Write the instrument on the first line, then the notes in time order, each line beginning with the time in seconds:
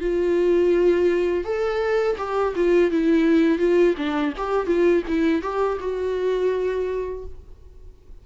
viola
0.00 F4
1.44 A4
2.17 G4
2.55 F4
2.90 E4
3.58 F4
3.97 D4
4.37 G4
4.66 F4
5.07 E4
5.42 G4
5.80 F#4